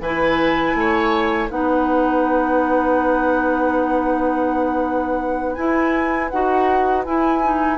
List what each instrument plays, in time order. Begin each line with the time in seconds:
0.00 bassoon E3, clarinet E4, oboe B4, flute G#5
0.75 bassoon A3, oboe C#5
1.49 bassoon B3, clarinet D#4, oboe B4, flute F#5
5.55 clarinet E4, bassoon E4, flute G#5
6.30 bassoon D#4, clarinet F#4, flute F#5
7.05 clarinet E4, bassoon E4, flute G#5
7.43 clarinet D#4